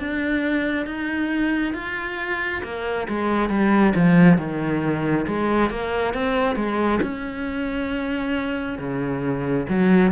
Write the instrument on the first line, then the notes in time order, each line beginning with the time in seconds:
cello
0.00 D4
0.87 D#4
1.74 F4
2.64 A#3
3.09 G#3
3.50 G3
3.96 F3
4.38 D#3
5.28 G#3
5.71 A#3
6.14 C4
6.56 G#3
7.03 C#4
8.79 C#3
9.69 F#3